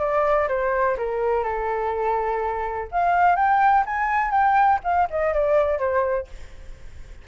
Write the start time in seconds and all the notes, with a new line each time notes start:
0.00 D5
0.48 C5
0.98 A#4
1.44 A4
2.92 F5
3.36 G5
3.86 G#5
4.31 G5
4.84 F5
5.10 D#5
5.34 D5
5.79 C5